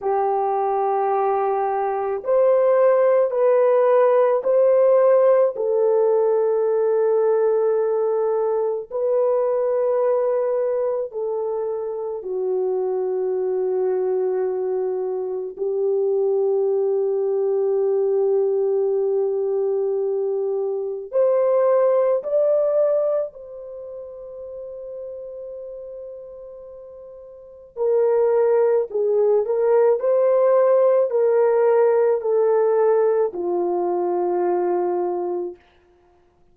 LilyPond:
\new Staff \with { instrumentName = "horn" } { \time 4/4 \tempo 4 = 54 g'2 c''4 b'4 | c''4 a'2. | b'2 a'4 fis'4~ | fis'2 g'2~ |
g'2. c''4 | d''4 c''2.~ | c''4 ais'4 gis'8 ais'8 c''4 | ais'4 a'4 f'2 | }